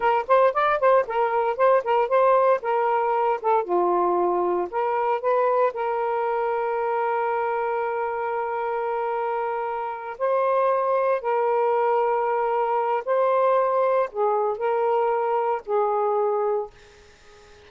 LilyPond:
\new Staff \with { instrumentName = "saxophone" } { \time 4/4 \tempo 4 = 115 ais'8 c''8 d''8 c''8 ais'4 c''8 ais'8 | c''4 ais'4. a'8 f'4~ | f'4 ais'4 b'4 ais'4~ | ais'1~ |
ais'2.~ ais'8 c''8~ | c''4. ais'2~ ais'8~ | ais'4 c''2 gis'4 | ais'2 gis'2 | }